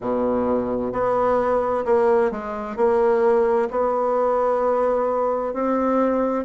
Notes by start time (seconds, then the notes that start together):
0.00 B2
0.92 B3
1.85 A#3
2.31 G#3
2.76 A#3
3.70 B3
5.53 C4